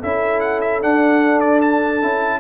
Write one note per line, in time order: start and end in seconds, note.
0.00 0.83 C#4
0.00 0.82 E4
0.00 2.40 A4
0.00 0.40 E5
0.40 0.60 F#5
0.61 0.81 E5
0.82 2.02 D4
0.82 1.40 F#5
1.40 1.60 D5
1.62 2.40 A5
2.02 2.40 C#4
2.02 2.40 E4